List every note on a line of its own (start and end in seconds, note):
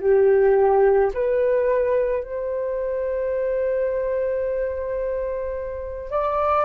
0.00 1.11 G4
1.14 2.23 B4
2.23 6.10 C5
6.10 6.65 D5